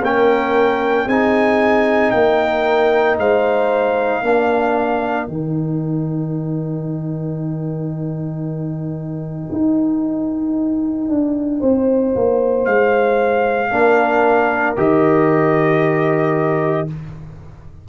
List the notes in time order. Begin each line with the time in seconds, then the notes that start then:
0.00 A#3 C#4 A#4 G5
1.07 C4 D#4 G#4 G#5
2.11 A#3 A#4 G5
3.18 G#3 C5 F5
4.21 A#3 D4 A#4
5.27 D#3 D#4 G5
9.52 D#4
11.09 D4
11.60 C4 C5
12.15 A#3
12.65 G#3 F5
13.71 A#3 D4 A#4
14.77 D#3 G4 D#5